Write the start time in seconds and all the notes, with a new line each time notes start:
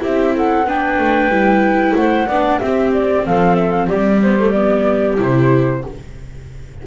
0.00 C4 E4 G4 E5
0.35 A4 F#5
0.66 B3 D4 B4 G5
0.98 A3
1.29 G3 E4
1.95 A3 C5 F#5
2.27 B3 D4 D5
2.59 C4 G4 E5
2.93 D5
3.26 F3 A4 F5
3.55 E5
3.71 F5
3.88 G3 G4 D5
4.22 B3 C5
4.40 A3
4.51 B3 D5
5.17 C3 E4 C5